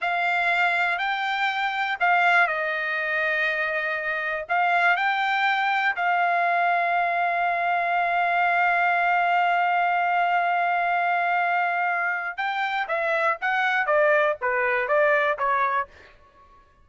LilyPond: \new Staff \with { instrumentName = "trumpet" } { \time 4/4 \tempo 4 = 121 f''2 g''2 | f''4 dis''2.~ | dis''4 f''4 g''2 | f''1~ |
f''1~ | f''1~ | f''4 g''4 e''4 fis''4 | d''4 b'4 d''4 cis''4 | }